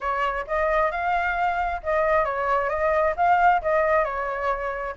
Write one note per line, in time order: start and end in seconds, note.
0.00 0.45 C#5
0.47 0.91 D#5
0.91 1.81 F5
1.83 2.24 D#5
2.24 2.69 C#5
2.69 3.14 D#5
3.16 3.61 F5
3.62 4.04 D#5
4.04 4.94 C#5